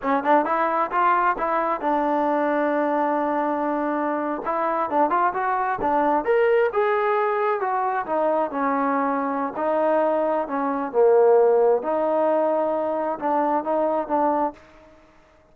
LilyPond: \new Staff \with { instrumentName = "trombone" } { \time 4/4 \tempo 4 = 132 cis'8 d'8 e'4 f'4 e'4 | d'1~ | d'4.~ d'16 e'4 d'8 f'8 fis'16~ | fis'8. d'4 ais'4 gis'4~ gis'16~ |
gis'8. fis'4 dis'4 cis'4~ cis'16~ | cis'4 dis'2 cis'4 | ais2 dis'2~ | dis'4 d'4 dis'4 d'4 | }